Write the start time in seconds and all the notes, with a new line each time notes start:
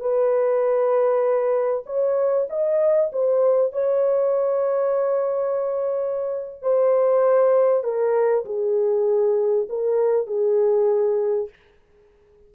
0.00 B4
1.86 C#5
2.50 D#5
3.12 C5
3.72 C#5
6.62 C5
7.84 A#4
8.45 G#4
9.69 A#4
10.27 G#4